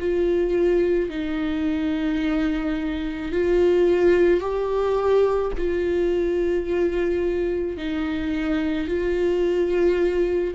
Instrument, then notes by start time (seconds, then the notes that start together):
viola
0.00 F4
1.10 D#4
3.32 F4
4.40 G4
5.58 F4
7.77 D#4
8.88 F4